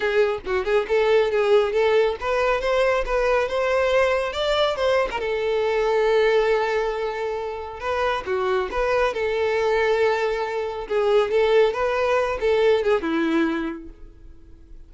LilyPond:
\new Staff \with { instrumentName = "violin" } { \time 4/4 \tempo 4 = 138 gis'4 fis'8 gis'8 a'4 gis'4 | a'4 b'4 c''4 b'4 | c''2 d''4 c''8. ais'16 | a'1~ |
a'2 b'4 fis'4 | b'4 a'2.~ | a'4 gis'4 a'4 b'4~ | b'8 a'4 gis'8 e'2 | }